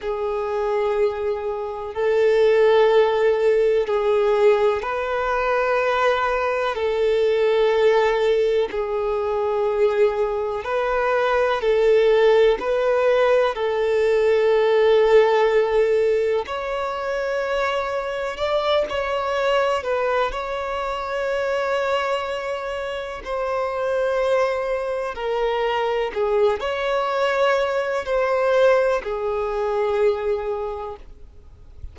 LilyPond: \new Staff \with { instrumentName = "violin" } { \time 4/4 \tempo 4 = 62 gis'2 a'2 | gis'4 b'2 a'4~ | a'4 gis'2 b'4 | a'4 b'4 a'2~ |
a'4 cis''2 d''8 cis''8~ | cis''8 b'8 cis''2. | c''2 ais'4 gis'8 cis''8~ | cis''4 c''4 gis'2 | }